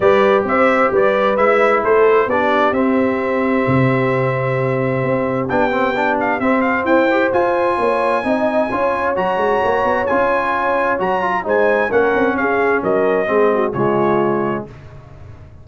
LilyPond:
<<
  \new Staff \with { instrumentName = "trumpet" } { \time 4/4 \tempo 4 = 131 d''4 e''4 d''4 e''4 | c''4 d''4 e''2~ | e''1 | g''4. f''8 e''8 f''8 g''4 |
gis''1 | ais''2 gis''2 | ais''4 gis''4 fis''4 f''4 | dis''2 cis''2 | }
  \new Staff \with { instrumentName = "horn" } { \time 4/4 b'4 c''4 b'2 | a'4 g'2.~ | g'1~ | g'2. c''4~ |
c''4 cis''4 dis''4 cis''4~ | cis''1~ | cis''4 c''4 ais'4 gis'4 | ais'4 gis'8 fis'8 f'2 | }
  \new Staff \with { instrumentName = "trombone" } { \time 4/4 g'2. e'4~ | e'4 d'4 c'2~ | c'1 | d'8 c'8 d'4 c'4. g'8 |
f'2 dis'4 f'4 | fis'2 f'2 | fis'8 f'8 dis'4 cis'2~ | cis'4 c'4 gis2 | }
  \new Staff \with { instrumentName = "tuba" } { \time 4/4 g4 c'4 g4 gis4 | a4 b4 c'2 | c2. c'4 | b2 c'4 e'4 |
f'4 ais4 c'4 cis'4 | fis8 gis8 ais8 b8 cis'2 | fis4 gis4 ais8 c'8 cis'4 | fis4 gis4 cis2 | }
>>